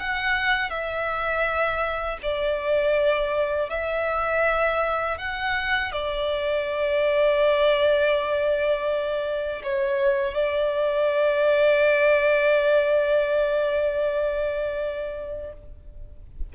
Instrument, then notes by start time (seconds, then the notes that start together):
violin
0.00 F#5
0.70 E5
2.23 D5
3.70 E5
5.19 F#5
5.92 D5
9.64 C#5
10.35 D5